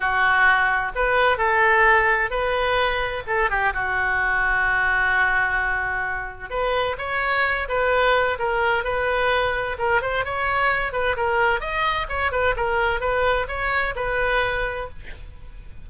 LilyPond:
\new Staff \with { instrumentName = "oboe" } { \time 4/4 \tempo 4 = 129 fis'2 b'4 a'4~ | a'4 b'2 a'8 g'8 | fis'1~ | fis'2 b'4 cis''4~ |
cis''8 b'4. ais'4 b'4~ | b'4 ais'8 c''8 cis''4. b'8 | ais'4 dis''4 cis''8 b'8 ais'4 | b'4 cis''4 b'2 | }